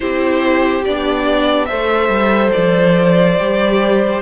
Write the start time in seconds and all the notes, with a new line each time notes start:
0.00 C4 E4 G4 C5
0.84 B3 D4 D5
1.65 A3 A4 C5 E5
2.08 G3
2.51 F3 D5
3.38 G3 G4